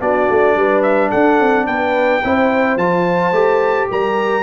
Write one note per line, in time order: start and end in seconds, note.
0.00 0.29 B3
0.00 2.22 D4
0.00 0.56 F#4
0.00 0.82 D5
0.30 0.56 A3
0.56 1.11 G3
0.56 1.09 B4
0.82 1.10 E5
1.09 1.40 D4
1.09 1.65 A4
1.09 1.66 F#5
1.40 1.67 C4
1.66 2.22 B3
1.66 2.22 B4
1.66 2.78 G5
2.24 2.77 C4
2.24 2.79 E4
2.24 3.90 C5
2.77 3.32 F3
2.77 3.33 F4
2.77 3.89 A5
3.32 3.87 A3
3.32 4.43 G4
3.90 4.43 G3
3.90 4.43 A#4
3.90 4.43 A#5